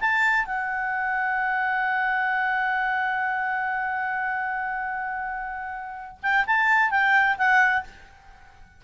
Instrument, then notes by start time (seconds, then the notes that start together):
clarinet
0.00 A5
0.45 F#5
6.22 G5
6.47 A5
6.91 G5
7.38 F#5